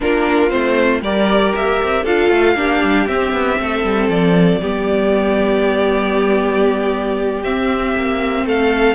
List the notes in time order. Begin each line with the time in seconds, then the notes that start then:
0.00 A#3 D4 F4 A#4
0.49 A3 C4 C5
1.01 G3 G4 A#4 D5
1.55 A#3 E5
1.82 C4
2.03 D4 F4 A4 F5
2.29 A3
2.55 A#3 D4 G4
2.83 G3
3.07 C4 E5
3.32 B3
3.58 A3 A4
3.83 G3
4.08 F3 D5
4.61 G3 B3 G4
7.43 C4 E5
7.95 A#3
8.44 A3 A4 F5